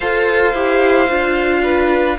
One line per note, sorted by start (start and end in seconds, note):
0.00 0.53 F4
0.00 0.54 A4
0.00 1.61 C5
0.00 2.18 F5
0.53 1.07 E4
0.53 1.08 G4
1.08 2.18 D4
1.08 2.17 F4
1.63 2.17 B4